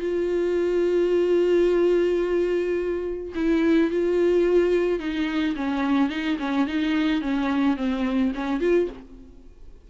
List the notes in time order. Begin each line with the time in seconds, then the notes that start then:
0.00 F4
3.35 E4
3.91 F4
5.00 D#4
5.56 C#4
6.10 D#4
6.39 C#4
6.67 D#4
7.21 C#4
7.77 C4
8.35 C#4
8.61 F4